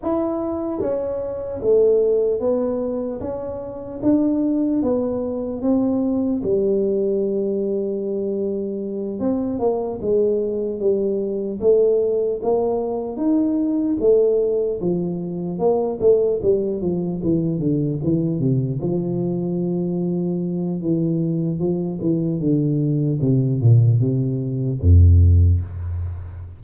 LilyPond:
\new Staff \with { instrumentName = "tuba" } { \time 4/4 \tempo 4 = 75 e'4 cis'4 a4 b4 | cis'4 d'4 b4 c'4 | g2.~ g8 c'8 | ais8 gis4 g4 a4 ais8~ |
ais8 dis'4 a4 f4 ais8 | a8 g8 f8 e8 d8 e8 c8 f8~ | f2 e4 f8 e8 | d4 c8 ais,8 c4 f,4 | }